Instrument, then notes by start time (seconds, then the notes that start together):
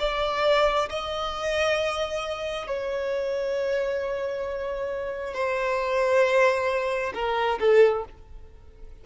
violin
0.00 D5
0.90 D#5
2.67 C#5
5.34 C5
7.15 A#4
7.60 A4